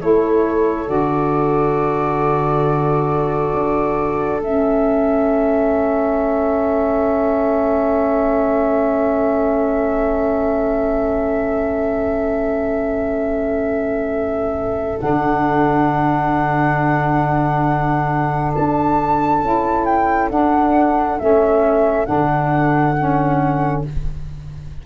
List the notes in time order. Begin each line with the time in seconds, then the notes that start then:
0.00 A3 E4 A4 C#5
0.86 D3 F#4 D5
3.53 D4
4.41 A3 C#4 E5
14.98 D3 D4 F#5
18.55 D4 A5
19.42 C#4 E4
19.85 G5
20.30 D4 F#5
21.19 A3 C#4 E5
22.06 D3 D4 F#5
22.98 C#4